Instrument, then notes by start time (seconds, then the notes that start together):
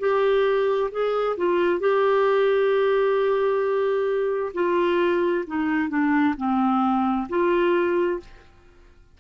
clarinet
0.00 G4
0.92 G#4
1.38 F4
1.80 G4
4.54 F4
5.48 D#4
5.90 D4
6.37 C4
7.29 F4